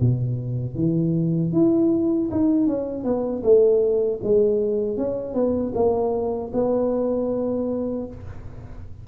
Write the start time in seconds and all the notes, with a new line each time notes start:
0.00 B2
0.75 E3
1.52 E4
2.31 D#4
2.67 C#4
3.04 B3
3.43 A3
4.23 G#3
4.97 C#4
5.34 B3
5.74 A#3
6.53 B3